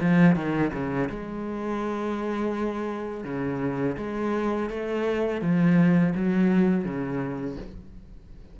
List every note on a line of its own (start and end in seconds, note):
0.00 0.35 F3
0.35 0.72 D#3
0.73 1.09 C#3
1.09 3.24 G#3
3.24 3.96 C#3
3.97 4.69 G#3
4.70 5.41 A3
5.41 6.13 F3
6.15 6.84 F#3
6.84 7.56 C#3